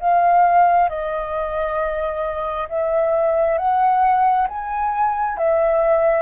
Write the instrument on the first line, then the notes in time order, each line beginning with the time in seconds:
flute
0.00 F5
0.89 D#5
2.69 E5
3.58 F#5
4.49 G#5
5.38 E5